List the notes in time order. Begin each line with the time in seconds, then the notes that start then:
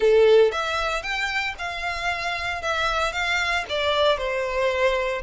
0.00 A4
0.51 E5
1.02 G5
1.58 F5
2.61 E5
3.12 F5
3.69 D5
4.17 C5